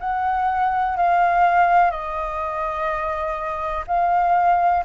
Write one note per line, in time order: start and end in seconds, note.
0.00 0.97 F#5
0.97 1.91 F5
1.91 3.85 D#5
3.88 4.84 F5